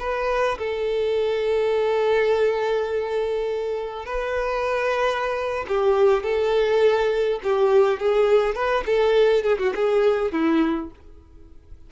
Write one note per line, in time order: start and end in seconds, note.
0.00 0.58 B4
0.59 4.06 A4
4.06 5.66 B4
5.68 6.24 G4
6.24 7.40 A4
7.44 8.00 G4
8.00 8.56 G#4
8.56 8.85 B4
8.86 9.44 A4
9.44 9.58 G#4
9.59 9.74 F#4
9.76 10.32 G#4
10.32 10.91 E4